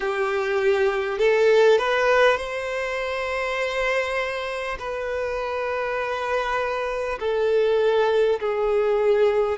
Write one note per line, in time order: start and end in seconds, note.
0.00 1.18 G4
1.18 1.78 A4
1.78 2.37 B4
2.37 4.77 C5
4.78 7.18 B4
7.19 8.39 A4
8.40 9.58 G#4